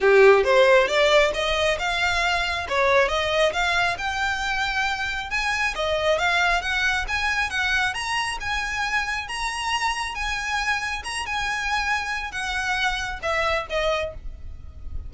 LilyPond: \new Staff \with { instrumentName = "violin" } { \time 4/4 \tempo 4 = 136 g'4 c''4 d''4 dis''4 | f''2 cis''4 dis''4 | f''4 g''2. | gis''4 dis''4 f''4 fis''4 |
gis''4 fis''4 ais''4 gis''4~ | gis''4 ais''2 gis''4~ | gis''4 ais''8 gis''2~ gis''8 | fis''2 e''4 dis''4 | }